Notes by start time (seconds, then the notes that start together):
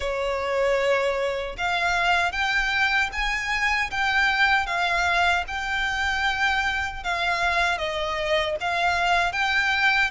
0.00 C#5
1.57 F5
2.32 G5
3.12 G#5
3.91 G5
4.66 F5
5.47 G5
7.03 F5
7.77 D#5
8.60 F5
9.32 G5